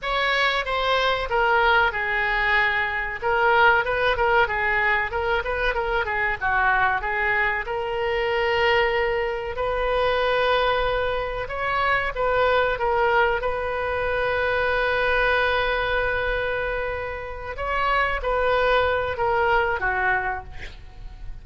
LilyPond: \new Staff \with { instrumentName = "oboe" } { \time 4/4 \tempo 4 = 94 cis''4 c''4 ais'4 gis'4~ | gis'4 ais'4 b'8 ais'8 gis'4 | ais'8 b'8 ais'8 gis'8 fis'4 gis'4 | ais'2. b'4~ |
b'2 cis''4 b'4 | ais'4 b'2.~ | b'2.~ b'8 cis''8~ | cis''8 b'4. ais'4 fis'4 | }